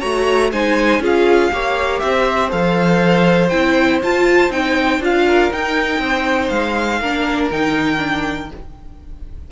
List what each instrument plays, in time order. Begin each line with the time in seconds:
0.00 cello A3, viola F#4, violin C#5 A#5
0.51 cello G#3, viola D#4, violin C5 G#5
0.99 cello C#4, viola F4, violin G#4
1.05 violin F5
1.52 cello A#3, viola G4, violin C#5
1.99 cello C4, violin C5 E5
2.50 cello F3, viola A4, violin F5
3.49 cello C4, viola E4, violin G5
4.02 viola F4, cello F4, violin A5
4.50 cello C4, viola D#4, violin G5
5.00 cello D4, viola F4, violin F5
5.26 violin A#4
5.51 viola D#4, cello D#4, violin G5
5.99 cello C4, violin C5
6.49 cello G#3, violin F5
7.00 cello A#3, viola D4, violin A#4
7.51 cello D#3, viola D#4, violin G5
7.97 viola D4